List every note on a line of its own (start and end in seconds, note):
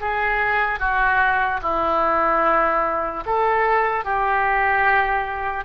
0.00 0.79 G#4
0.79 1.60 F#4
1.62 3.24 E4
3.26 4.05 A4
4.05 5.65 G4